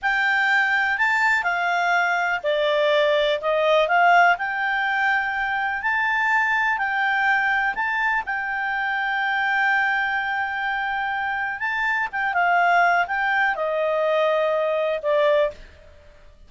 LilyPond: \new Staff \with { instrumentName = "clarinet" } { \time 4/4 \tempo 4 = 124 g''2 a''4 f''4~ | f''4 d''2 dis''4 | f''4 g''2. | a''2 g''2 |
a''4 g''2.~ | g''1 | a''4 g''8 f''4. g''4 | dis''2. d''4 | }